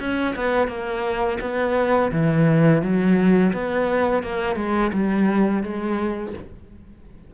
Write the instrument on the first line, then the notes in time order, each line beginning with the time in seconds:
cello
0.00 C#4
0.36 B3
0.68 A#3
1.41 B3
2.12 E3
2.82 F#3
3.53 B3
4.23 A#3
4.56 G#3
4.93 G3
5.63 G#3